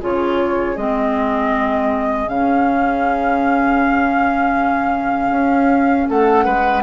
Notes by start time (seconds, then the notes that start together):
0.00 C#3 F4 G#4 C#5
0.76 G#3 C4 D#5
2.26 C#3 C#4 F5
5.30 C#4
6.09 A3 A4 F#5
6.44 G#3 B4